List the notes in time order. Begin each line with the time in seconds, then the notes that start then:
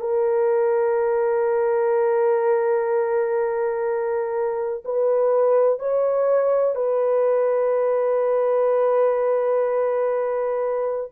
0.00 A#4
4.85 B4
5.79 C#5
6.75 B4